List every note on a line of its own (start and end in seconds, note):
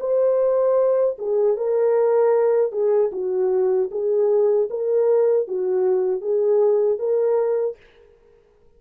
0.00 1.17 C5
1.18 1.57 G#4
1.57 2.72 A#4
2.72 3.11 G#4
3.12 3.90 F#4
3.91 4.69 G#4
4.70 5.48 A#4
5.48 6.21 F#4
6.21 6.99 G#4
6.99 7.77 A#4